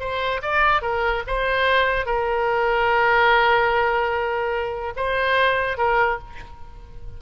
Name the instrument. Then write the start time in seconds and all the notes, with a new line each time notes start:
oboe
0.00 C5
0.42 D5
0.82 A#4
1.27 C5
2.06 A#4
4.97 C5
5.78 A#4